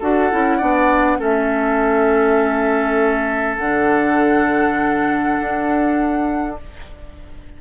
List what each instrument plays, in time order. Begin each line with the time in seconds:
0.00 bassoon D4, clarinet F#4, oboe A4, flute F#5
0.32 bassoon C#4, clarinet E4
0.58 bassoon B3, clarinet D4, oboe D5
1.19 bassoon A3, clarinet C#4, oboe A4, flute E5
3.57 bassoon D3, clarinet D4, flute F#5
5.41 bassoon D4